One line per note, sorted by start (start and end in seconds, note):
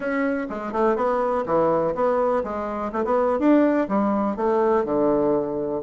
0.00 0.47 C#4
0.49 0.72 G#3
0.72 0.96 A3
0.96 1.44 B3
1.46 1.94 E3
1.94 2.43 B3
2.43 2.92 G#3
2.92 3.04 A3
3.04 3.39 B3
3.39 3.87 D4
3.88 4.36 G3
4.36 4.84 A3
4.84 5.81 D3